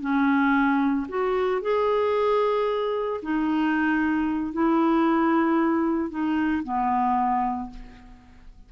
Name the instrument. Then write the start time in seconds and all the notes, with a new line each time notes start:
clarinet
0.00 C#4
1.08 F#4
1.61 G#4
3.22 D#4
4.53 E4
6.09 D#4
6.63 B3